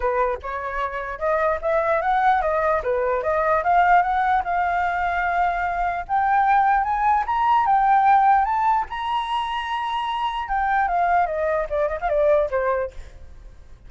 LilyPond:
\new Staff \with { instrumentName = "flute" } { \time 4/4 \tempo 4 = 149 b'4 cis''2 dis''4 | e''4 fis''4 dis''4 b'4 | dis''4 f''4 fis''4 f''4~ | f''2. g''4~ |
g''4 gis''4 ais''4 g''4~ | g''4 a''4 ais''2~ | ais''2 g''4 f''4 | dis''4 d''8 dis''16 f''16 d''4 c''4 | }